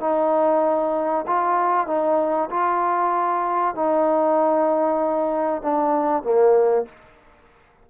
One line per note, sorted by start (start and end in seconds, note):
0.00 1.25 D#4
1.27 1.87 F4
1.87 2.49 D#4
2.50 3.75 F4
3.75 5.62 D#4
5.62 6.23 D4
6.23 6.85 A#3